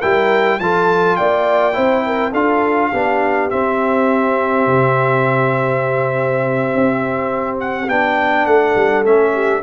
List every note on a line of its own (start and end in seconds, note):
0.00 0.59 G3
0.00 0.60 E4
0.00 0.58 A#4
0.00 0.60 G5
0.59 1.18 F3
0.59 1.73 F4
0.59 1.18 A4
0.59 1.16 A5
1.16 1.77 A#3
1.16 1.76 D5
1.16 2.33 G5
1.73 2.33 C4
1.73 2.31 E4
1.73 2.05 C5
2.06 2.32 A#4
2.32 2.91 D4
2.32 2.93 F4
2.32 2.90 A4
2.32 3.50 F5
2.91 3.51 B3
2.91 3.51 D4
2.91 8.44 G4
3.50 7.87 C4
3.50 4.67 C4
3.50 7.58 E5
4.67 6.71 C3
6.74 7.88 C4
7.60 7.89 F#5
7.88 8.46 B3
7.88 9.04 D4
7.88 8.46 G5
8.46 8.75 A3
8.46 9.33 A4
8.46 9.04 F#5
8.75 9.04 G3
9.04 9.62 A3
9.04 9.62 C#4
9.04 9.62 E5
9.33 9.62 G4